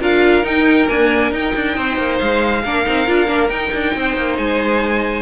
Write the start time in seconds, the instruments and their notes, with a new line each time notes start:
0.00 cello D4, viola F4, violin A#4 F5
0.43 viola D#4, cello D#4, violin G5
0.88 viola A#3, cello D4, violin G#5
1.31 viola D#4, cello D#4, violin G5
1.55 cello D4
1.75 cello C4, violin C5
1.97 cello A#3
2.17 cello G#3, violin F5
2.64 cello A#3, viola D4, violin A#4
2.85 cello C4, viola D#4
3.06 cello D4, viola F4
3.27 cello A#3, viola D4
3.48 cello D#4, viola D#4, violin G5
3.73 cello D4
3.95 cello C4, violin C5
4.16 cello A#3
4.37 cello G#3, violin G#5